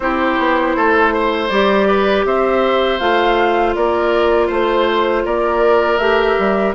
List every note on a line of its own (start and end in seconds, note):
0.00 0.38 C4
0.00 1.50 E4
0.00 0.76 G4
0.00 1.48 C5
0.38 0.75 B3
0.76 1.50 A3
0.76 1.13 A4
1.13 1.87 C5
1.48 2.25 G3
1.48 2.99 G4
1.48 2.23 D5
1.87 2.25 B4
2.25 3.00 C4
2.25 3.76 C5
2.25 2.99 E5
2.99 3.75 A3
2.99 5.99 F4
2.99 3.74 F5
3.74 4.49 A#3
3.74 4.47 A#4
3.74 4.49 D5
4.47 5.24 A3
4.47 5.22 C5
4.47 5.25 C5
5.25 5.98 A#3
5.25 6.74 A#4
5.25 5.98 D5
5.98 6.36 A3
5.98 6.74 G4
5.98 6.73 E5
6.38 6.74 G3